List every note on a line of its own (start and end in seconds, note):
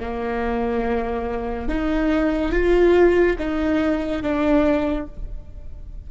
0.00 1.69 A#3
1.69 2.52 D#4
2.52 3.36 F4
3.38 4.22 D#4
4.22 5.07 D4